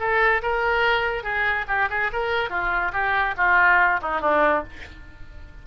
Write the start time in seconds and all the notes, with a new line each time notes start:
0.00 A4
0.42 A#4
1.24 G#4
1.68 G4
1.90 G#4
2.13 A#4
2.50 F4
2.93 G4
3.37 F4
4.02 D#4
4.21 D4